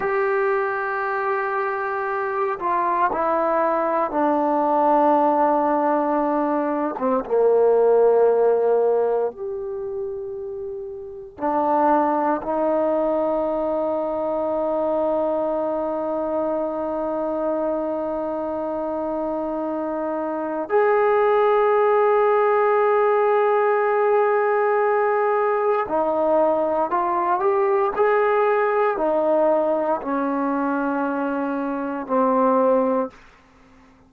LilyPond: \new Staff \with { instrumentName = "trombone" } { \time 4/4 \tempo 4 = 58 g'2~ g'8 f'8 e'4 | d'2~ d'8. c'16 ais4~ | ais4 g'2 d'4 | dis'1~ |
dis'1 | gis'1~ | gis'4 dis'4 f'8 g'8 gis'4 | dis'4 cis'2 c'4 | }